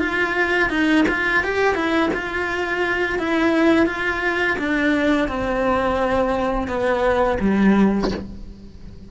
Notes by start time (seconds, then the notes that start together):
0.00 F4
0.70 D#4
1.09 F4
1.44 G4
1.76 E4
2.14 F4
3.19 E4
3.87 F4
4.59 D4
5.28 C4
6.68 B3
7.41 G3